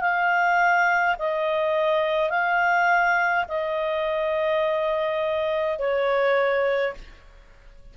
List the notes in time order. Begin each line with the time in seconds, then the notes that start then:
0.00 F5
1.18 D#5
2.29 F5
3.48 D#5
5.78 C#5